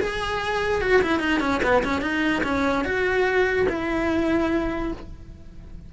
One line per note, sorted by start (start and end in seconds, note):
0.00 0.81 G#4
0.81 1.02 F#4
1.02 1.20 E4
1.20 1.40 D#4
1.41 1.61 C#4
1.63 1.84 B3
1.85 2.02 C#4
2.02 2.43 D#4
2.44 2.85 C#4
2.85 3.67 F#4
3.69 4.92 E4